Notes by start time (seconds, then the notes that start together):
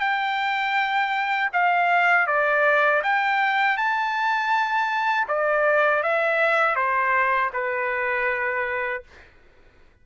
0.00 G5
1.53 F5
2.27 D5
3.03 G5
3.77 A5
5.28 D5
6.03 E5
6.76 C5
7.53 B4